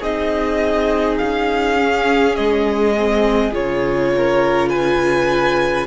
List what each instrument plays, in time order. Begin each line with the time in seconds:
0.00 cello C4, viola D#4, violin G#4 D#5
1.18 cello C#4, violin F5
1.77 viola C#4
2.36 cello G#3, violin D#5
2.98 viola C4
3.52 cello C#3, viola F4, violin C#5
4.16 violin A#4
4.69 violin B4 G#5